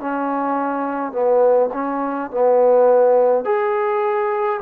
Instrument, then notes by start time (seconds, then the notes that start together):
trombone
0.00 C#4
1.12 B3
1.74 C#4
2.31 B3
3.45 G#4